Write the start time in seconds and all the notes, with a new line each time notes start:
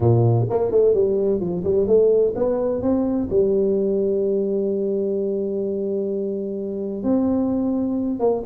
0.00 A#2
0.49 A#3
0.71 A3
0.94 G3
1.40 F3
1.64 G3
1.87 A3
2.35 B3
2.81 C4
3.30 G3
7.03 C4
8.19 A#3